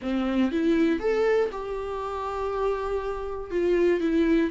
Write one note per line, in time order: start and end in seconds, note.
0.01 0.51 C4
0.51 0.99 E4
0.99 1.49 A4
1.51 3.50 G4
3.50 4.00 F4
4.00 4.50 E4